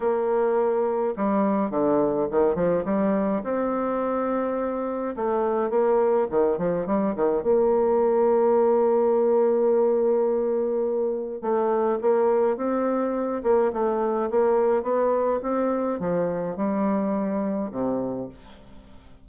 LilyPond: \new Staff \with { instrumentName = "bassoon" } { \time 4/4 \tempo 4 = 105 ais2 g4 d4 | dis8 f8 g4 c'2~ | c'4 a4 ais4 dis8 f8 | g8 dis8 ais2.~ |
ais1 | a4 ais4 c'4. ais8 | a4 ais4 b4 c'4 | f4 g2 c4 | }